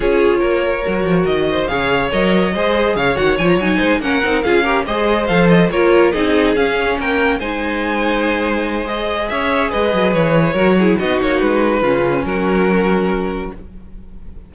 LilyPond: <<
  \new Staff \with { instrumentName = "violin" } { \time 4/4 \tempo 4 = 142 cis''2. dis''4 | f''4 dis''2 f''8 fis''8 | gis''16 ais''16 gis''4 fis''4 f''4 dis''8~ | dis''8 f''8 dis''8 cis''4 dis''4 f''8~ |
f''8 g''4 gis''2~ gis''8~ | gis''4 dis''4 e''4 dis''4 | cis''2 dis''8 cis''8 b'4~ | b'4 ais'2. | }
  \new Staff \with { instrumentName = "violin" } { \time 4/4 gis'4 ais'2~ ais'8 c''8 | cis''2 c''4 cis''4~ | cis''4 c''8 ais'4 gis'8 ais'8 c''8~ | c''4. ais'4 gis'4.~ |
gis'8 ais'4 c''2~ c''8~ | c''2 cis''4 b'4~ | b'4 ais'8 gis'8 fis'2 | f'4 fis'2. | }
  \new Staff \with { instrumentName = "viola" } { \time 4/4 f'2 fis'2 | gis'4 ais'4 gis'4. fis'8 | f'8 dis'4 cis'8 dis'8 f'8 g'8 gis'8~ | gis'8 a'4 f'4 dis'4 cis'8~ |
cis'4. dis'2~ dis'8~ | dis'4 gis'2.~ | gis'4 fis'8 e'8 dis'2 | cis'1 | }
  \new Staff \with { instrumentName = "cello" } { \time 4/4 cis'4 ais4 fis8 f8 dis4 | cis4 fis4 gis4 cis8 dis8 | f8 fis8 gis8 ais8 c'8 cis'4 gis8~ | gis8 f4 ais4 c'4 cis'8~ |
cis'8 ais4 gis2~ gis8~ | gis2 cis'4 gis8 fis8 | e4 fis4 b8 ais8 gis4 | cis4 fis2. | }
>>